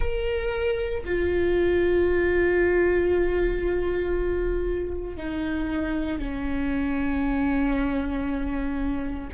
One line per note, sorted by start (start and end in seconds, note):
0.00 1.03 A#4
1.04 5.16 F4
5.16 6.18 D#4
6.18 9.29 C#4